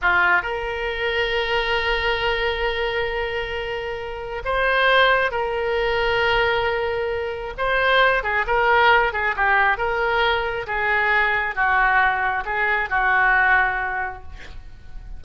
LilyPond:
\new Staff \with { instrumentName = "oboe" } { \time 4/4 \tempo 4 = 135 f'4 ais'2.~ | ais'1~ | ais'2 c''2 | ais'1~ |
ais'4 c''4. gis'8 ais'4~ | ais'8 gis'8 g'4 ais'2 | gis'2 fis'2 | gis'4 fis'2. | }